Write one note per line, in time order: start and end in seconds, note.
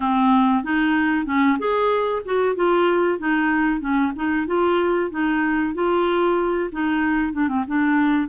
0.00 0.63 C4
0.63 1.26 D#4
1.26 1.58 C#4
1.58 2.22 G#4
2.25 2.55 F#4
2.55 3.18 F4
3.18 3.80 D#4
3.80 4.12 C#4
4.15 4.47 D#4
4.47 5.10 F4
5.11 5.74 D#4
5.74 6.70 F4
6.72 7.33 D#4
7.33 7.48 D4
7.48 7.64 C4
7.67 8.28 D4